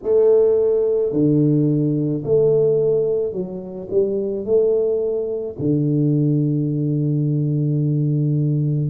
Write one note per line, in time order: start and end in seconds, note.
0.03 1.12 A3
1.12 2.23 D3
2.24 3.32 A3
3.32 3.88 F#3
3.90 4.44 G3
4.44 5.56 A3
5.58 8.90 D3